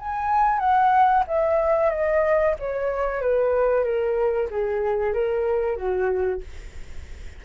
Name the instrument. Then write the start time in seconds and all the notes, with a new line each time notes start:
flute
0.00 G#5
0.60 F#5
1.28 E5
1.91 D#5
2.60 C#5
3.22 B4
3.84 A#4
4.51 G#4
5.14 A#4
5.77 F#4